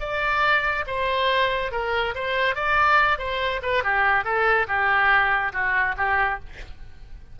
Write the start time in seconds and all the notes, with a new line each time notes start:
0.00 D5
0.87 C5
1.72 A#4
2.15 C5
2.55 D5
3.18 C5
3.62 B4
3.84 G4
4.24 A4
4.68 G4
5.53 F#4
5.97 G4